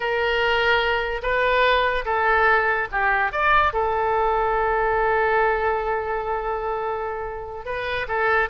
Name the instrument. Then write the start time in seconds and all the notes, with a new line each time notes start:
oboe
0.00 A#4
1.22 B4
2.05 A4
2.91 G4
3.31 D5
3.73 A4
7.65 B4
8.07 A4